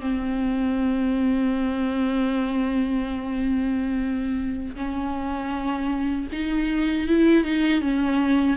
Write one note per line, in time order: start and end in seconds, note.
0.00 4.75 C4
4.75 6.27 C#4
6.32 7.07 D#4
7.07 7.44 E4
7.44 7.81 D#4
7.81 8.56 C#4